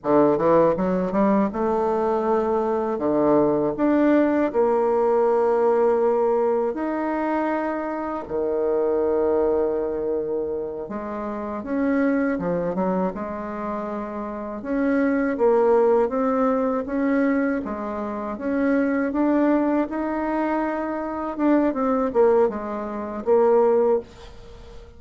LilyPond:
\new Staff \with { instrumentName = "bassoon" } { \time 4/4 \tempo 4 = 80 d8 e8 fis8 g8 a2 | d4 d'4 ais2~ | ais4 dis'2 dis4~ | dis2~ dis8 gis4 cis'8~ |
cis'8 f8 fis8 gis2 cis'8~ | cis'8 ais4 c'4 cis'4 gis8~ | gis8 cis'4 d'4 dis'4.~ | dis'8 d'8 c'8 ais8 gis4 ais4 | }